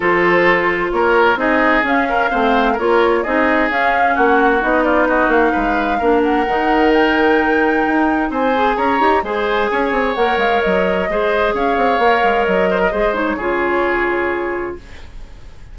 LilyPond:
<<
  \new Staff \with { instrumentName = "flute" } { \time 4/4 \tempo 4 = 130 c''2 cis''4 dis''4 | f''2 cis''4 dis''4 | f''4 fis''4 dis''8 d''8 dis''8 f''8~ | f''4. fis''4. g''4~ |
g''2 gis''4 ais''4 | gis''2 fis''8 f''8 dis''4~ | dis''4 f''2 dis''4~ | dis''8 cis''2.~ cis''8 | }
  \new Staff \with { instrumentName = "oboe" } { \time 4/4 a'2 ais'4 gis'4~ | gis'8 ais'8 c''4 ais'4 gis'4~ | gis'4 fis'4. f'8 fis'4 | b'4 ais'2.~ |
ais'2 c''4 cis''4 | c''4 cis''2. | c''4 cis''2~ cis''8 c''16 ais'16 | c''4 gis'2. | }
  \new Staff \with { instrumentName = "clarinet" } { \time 4/4 f'2. dis'4 | cis'4 c'4 f'4 dis'4 | cis'2 dis'2~ | dis'4 d'4 dis'2~ |
dis'2~ dis'8 gis'4 g'8 | gis'2 ais'2 | gis'2 ais'2 | gis'8 dis'8 f'2. | }
  \new Staff \with { instrumentName = "bassoon" } { \time 4/4 f2 ais4 c'4 | cis'4 a4 ais4 c'4 | cis'4 ais4 b4. ais8 | gis4 ais4 dis2~ |
dis4 dis'4 c'4 cis'8 dis'8 | gis4 cis'8 c'8 ais8 gis8 fis4 | gis4 cis'8 c'8 ais8 gis8 fis4 | gis4 cis2. | }
>>